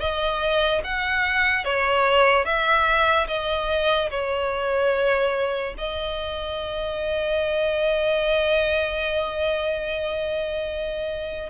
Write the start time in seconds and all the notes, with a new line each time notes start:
0.00 D#5
0.84 F#5
1.65 C#5
2.45 E5
3.28 D#5
4.11 C#5
5.78 D#5